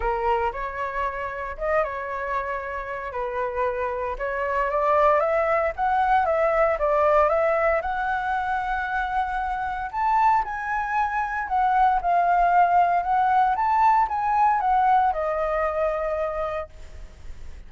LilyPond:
\new Staff \with { instrumentName = "flute" } { \time 4/4 \tempo 4 = 115 ais'4 cis''2 dis''8 cis''8~ | cis''2 b'2 | cis''4 d''4 e''4 fis''4 | e''4 d''4 e''4 fis''4~ |
fis''2. a''4 | gis''2 fis''4 f''4~ | f''4 fis''4 a''4 gis''4 | fis''4 dis''2. | }